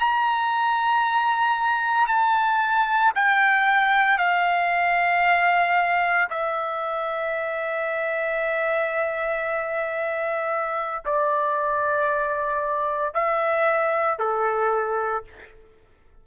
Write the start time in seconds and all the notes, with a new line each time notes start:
0.00 A#5
2.07 A5
3.15 G5
4.18 F5
6.30 E5
11.05 D5
13.14 E5
14.19 A4